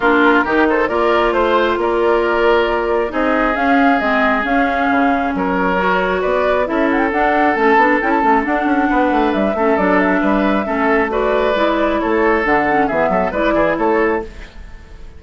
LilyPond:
<<
  \new Staff \with { instrumentName = "flute" } { \time 4/4 \tempo 4 = 135 ais'4. c''8 d''4 c''4 | d''2. dis''4 | f''4 dis''4 f''2 | cis''2 d''4 e''8 fis''16 g''16 |
fis''4 a''4 g''16 a''8. fis''4~ | fis''4 e''4 d''8 e''4.~ | e''4 d''2 cis''4 | fis''4 e''4 d''4 cis''4 | }
  \new Staff \with { instrumentName = "oboe" } { \time 4/4 f'4 g'8 a'8 ais'4 c''4 | ais'2. gis'4~ | gis'1 | ais'2 b'4 a'4~ |
a'1 | b'4. a'4. b'4 | a'4 b'2 a'4~ | a'4 gis'8 a'8 b'8 gis'8 a'4 | }
  \new Staff \with { instrumentName = "clarinet" } { \time 4/4 d'4 dis'4 f'2~ | f'2. dis'4 | cis'4 c'4 cis'2~ | cis'4 fis'2 e'4 |
d'4 cis'8 d'8 e'8 cis'8 d'4~ | d'4. cis'8 d'2 | cis'4 fis'4 e'2 | d'8 cis'8 b4 e'2 | }
  \new Staff \with { instrumentName = "bassoon" } { \time 4/4 ais4 dis4 ais4 a4 | ais2. c'4 | cis'4 gis4 cis'4 cis4 | fis2 b4 cis'4 |
d'4 a8 b8 cis'8 a8 d'8 cis'8 | b8 a8 g8 a8 fis4 g4 | a2 gis4 a4 | d4 e8 fis8 gis8 e8 a4 | }
>>